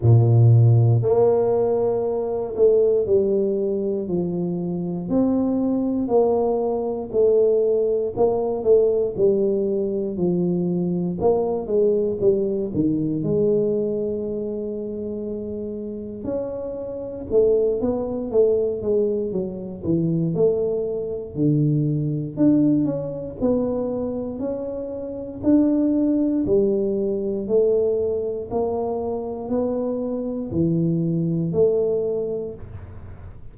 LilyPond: \new Staff \with { instrumentName = "tuba" } { \time 4/4 \tempo 4 = 59 ais,4 ais4. a8 g4 | f4 c'4 ais4 a4 | ais8 a8 g4 f4 ais8 gis8 | g8 dis8 gis2. |
cis'4 a8 b8 a8 gis8 fis8 e8 | a4 d4 d'8 cis'8 b4 | cis'4 d'4 g4 a4 | ais4 b4 e4 a4 | }